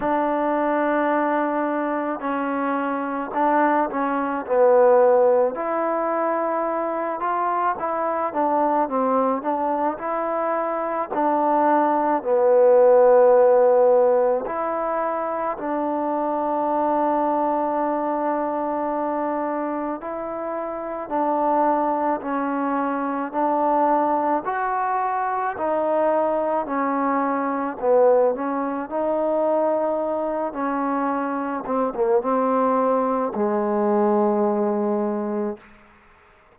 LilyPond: \new Staff \with { instrumentName = "trombone" } { \time 4/4 \tempo 4 = 54 d'2 cis'4 d'8 cis'8 | b4 e'4. f'8 e'8 d'8 | c'8 d'8 e'4 d'4 b4~ | b4 e'4 d'2~ |
d'2 e'4 d'4 | cis'4 d'4 fis'4 dis'4 | cis'4 b8 cis'8 dis'4. cis'8~ | cis'8 c'16 ais16 c'4 gis2 | }